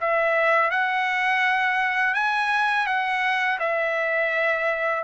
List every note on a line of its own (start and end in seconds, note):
0.00 0.71 E5
0.71 2.14 F#5
2.14 2.86 G#5
2.86 3.58 F#5
3.59 5.03 E5